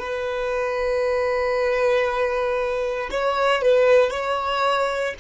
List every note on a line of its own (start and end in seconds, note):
0.00 3.10 B4
3.11 3.62 C#5
3.62 4.11 B4
4.11 5.14 C#5